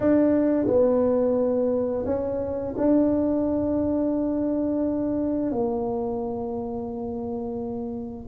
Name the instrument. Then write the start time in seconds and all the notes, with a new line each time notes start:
tuba
0.00 D4
0.67 B3
2.05 C#4
2.77 D4
5.52 A#3